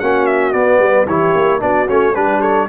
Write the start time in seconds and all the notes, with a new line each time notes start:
0.00 A#3 C#4 F#4 F#5
0.26 E5
0.52 B3 D5
0.79 G3 B4
1.06 E3 E4 G4 C#5
1.35 A#3
1.60 B3 D4 F#4 D5
1.87 A3 C#4 C#5
2.15 G3 D4 G4 B4
2.40 A4 C#5